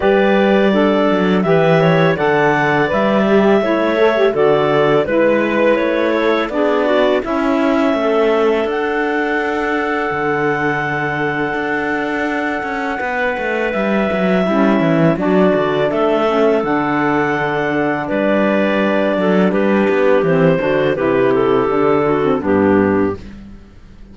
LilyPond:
<<
  \new Staff \with { instrumentName = "clarinet" } { \time 4/4 \tempo 4 = 83 d''2 e''4 fis''4 | e''2 d''4 b'4 | cis''4 d''4 e''2 | fis''1~ |
fis''2. e''4~ | e''4 d''4 e''4 fis''4~ | fis''4 d''2 b'4 | c''4 b'8 a'4. g'4 | }
  \new Staff \with { instrumentName = "clarinet" } { \time 4/4 b'4 a'4 b'8 cis''8 d''4~ | d''4 cis''4 a'4 b'4~ | b'8 a'8 gis'8 fis'8 e'4 a'4~ | a'1~ |
a'2 b'2 | e'4 fis'4 a'2~ | a'4 b'4. a'8 g'4~ | g'8 fis'8 g'4. fis'8 d'4 | }
  \new Staff \with { instrumentName = "saxophone" } { \time 4/4 g'4 d'4 g'4 a'4 | b'8 g'8 e'8 a'16 g'16 fis'4 e'4~ | e'4 d'4 cis'2 | d'1~ |
d'1 | cis'4 d'4. cis'8 d'4~ | d'1 | c'8 d'8 e'4 d'8. c'16 b4 | }
  \new Staff \with { instrumentName = "cello" } { \time 4/4 g4. fis8 e4 d4 | g4 a4 d4 gis4 | a4 b4 cis'4 a4 | d'2 d2 |
d'4. cis'8 b8 a8 g8 fis8 | g8 e8 fis8 d8 a4 d4~ | d4 g4. fis8 g8 b8 | e8 d8 c4 d4 g,4 | }
>>